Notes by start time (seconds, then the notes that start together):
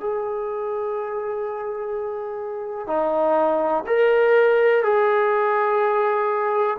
0.00 G#4
2.87 D#4
3.87 A#4
4.83 G#4